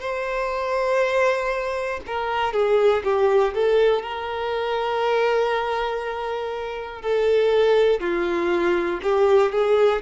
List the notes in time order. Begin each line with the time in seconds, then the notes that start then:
0.00 C5
2.06 A#4
2.53 G#4
3.04 G4
3.54 A4
4.02 A#4
7.01 A4
8.00 F4
9.03 G4
9.51 G#4